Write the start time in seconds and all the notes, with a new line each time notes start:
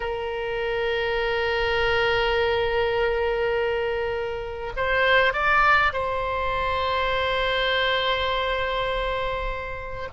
0.00 A#4
4.76 C5
5.33 D5
5.92 C5